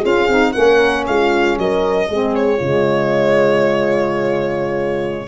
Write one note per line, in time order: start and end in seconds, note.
0.00 0.28 C#4
0.00 0.28 F4
0.00 0.51 G#4
0.00 0.52 F5
0.28 0.54 C4
0.28 0.54 D#4
0.52 1.07 A#3
0.52 2.08 C#4
0.52 1.04 A#4
0.52 1.04 F#5
1.07 1.58 G#3
1.07 1.59 F4
1.07 1.58 F5
1.58 2.09 F#3
1.58 2.08 A#4
1.58 2.35 D#5
2.08 2.60 G#3
2.08 2.59 C4
2.08 2.57 G#4
2.35 5.27 C#5
2.57 5.27 C#3
2.57 5.27 G#3
2.57 5.26 F4